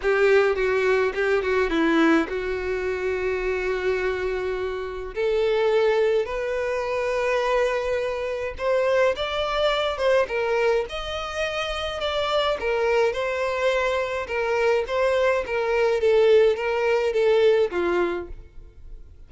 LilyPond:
\new Staff \with { instrumentName = "violin" } { \time 4/4 \tempo 4 = 105 g'4 fis'4 g'8 fis'8 e'4 | fis'1~ | fis'4 a'2 b'4~ | b'2. c''4 |
d''4. c''8 ais'4 dis''4~ | dis''4 d''4 ais'4 c''4~ | c''4 ais'4 c''4 ais'4 | a'4 ais'4 a'4 f'4 | }